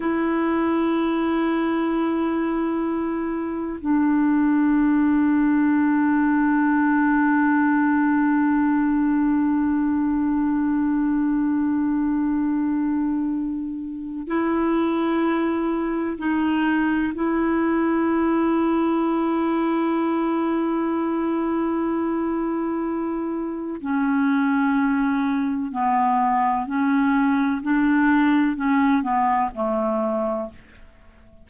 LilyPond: \new Staff \with { instrumentName = "clarinet" } { \time 4/4 \tempo 4 = 63 e'1 | d'1~ | d'1~ | d'2. e'4~ |
e'4 dis'4 e'2~ | e'1~ | e'4 cis'2 b4 | cis'4 d'4 cis'8 b8 a4 | }